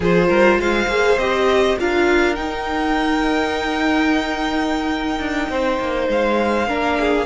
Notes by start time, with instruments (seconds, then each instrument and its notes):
0.00 cello F3, viola F4, violin G#4 C5
0.28 cello G3, violin A#4
0.57 cello G#3, violin C5 F5
0.87 cello A#3, viola G#4
1.17 cello C4, viola G4, violin D#5
1.78 cello D4, viola F4, violin A#4 F5
2.35 viola D#4, cello D#4, violin G5
5.19 cello D4
5.49 cello C4, violin C5
5.79 cello A#3
6.08 cello G#3, violin F5
6.67 cello A#3, viola D4, violin A#4
7.00 violin G#4